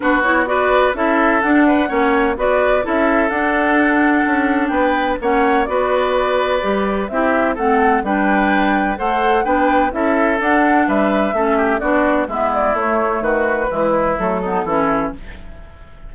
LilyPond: <<
  \new Staff \with { instrumentName = "flute" } { \time 4/4 \tempo 4 = 127 b'8 cis''8 d''4 e''4 fis''4~ | fis''4 d''4 e''4 fis''4~ | fis''2 g''4 fis''4 | d''2. e''4 |
fis''4 g''2 fis''4 | g''4 e''4 fis''4 e''4~ | e''4 d''4 e''8 d''8 cis''4 | b'2 a'2 | }
  \new Staff \with { instrumentName = "oboe" } { \time 4/4 fis'4 b'4 a'4. b'8 | cis''4 b'4 a'2~ | a'2 b'4 cis''4 | b'2. g'4 |
a'4 b'2 c''4 | b'4 a'2 b'4 | a'8 g'8 fis'4 e'2 | fis'4 e'4. dis'8 e'4 | }
  \new Staff \with { instrumentName = "clarinet" } { \time 4/4 d'8 e'8 fis'4 e'4 d'4 | cis'4 fis'4 e'4 d'4~ | d'2. cis'4 | fis'2 g'4 e'4 |
c'4 d'2 a'4 | d'4 e'4 d'2 | cis'4 d'4 b4 a4~ | a4 gis4 a8 b8 cis'4 | }
  \new Staff \with { instrumentName = "bassoon" } { \time 4/4 b2 cis'4 d'4 | ais4 b4 cis'4 d'4~ | d'4 cis'4 b4 ais4 | b2 g4 c'4 |
a4 g2 a4 | b4 cis'4 d'4 g4 | a4 b4 gis4 a4 | dis4 e4 fis4 e4 | }
>>